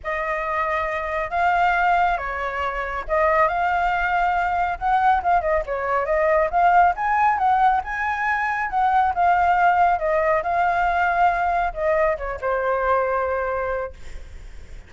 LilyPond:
\new Staff \with { instrumentName = "flute" } { \time 4/4 \tempo 4 = 138 dis''2. f''4~ | f''4 cis''2 dis''4 | f''2. fis''4 | f''8 dis''8 cis''4 dis''4 f''4 |
gis''4 fis''4 gis''2 | fis''4 f''2 dis''4 | f''2. dis''4 | cis''8 c''2.~ c''8 | }